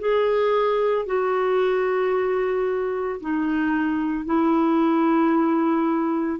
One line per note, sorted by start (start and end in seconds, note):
0.00 1.06 G#4
1.06 3.20 F#4
3.21 4.26 D#4
4.26 6.40 E4